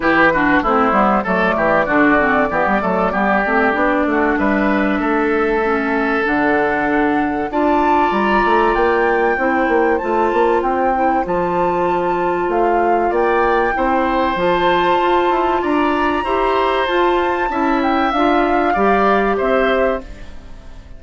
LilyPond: <<
  \new Staff \with { instrumentName = "flute" } { \time 4/4 \tempo 4 = 96 b'4 c''4 d''2~ | d''2. e''4~ | e''2 fis''2 | a''4 ais''4 g''2 |
a''4 g''4 a''2 | f''4 g''2 a''4~ | a''4 ais''2 a''4~ | a''8 g''8 f''2 e''4 | }
  \new Staff \with { instrumentName = "oboe" } { \time 4/4 g'8 fis'8 e'4 a'8 g'8 fis'4 | g'8 a'8 g'4. fis'8 b'4 | a'1 | d''2. c''4~ |
c''1~ | c''4 d''4 c''2~ | c''4 d''4 c''2 | e''2 d''4 c''4 | }
  \new Staff \with { instrumentName = "clarinet" } { \time 4/4 e'8 d'8 c'8 b8 a4 d'8 c'8 | b8 a8 b8 c'8 d'2~ | d'4 cis'4 d'2 | f'2. e'4 |
f'4. e'8 f'2~ | f'2 e'4 f'4~ | f'2 g'4 f'4 | e'4 f'4 g'2 | }
  \new Staff \with { instrumentName = "bassoon" } { \time 4/4 e4 a8 g8 fis8 e8 d4 | e16 g16 fis8 g8 a8 b8 a8 g4 | a2 d2 | d'4 g8 a8 ais4 c'8 ais8 |
a8 ais8 c'4 f2 | a4 ais4 c'4 f4 | f'8 e'8 d'4 e'4 f'4 | cis'4 d'4 g4 c'4 | }
>>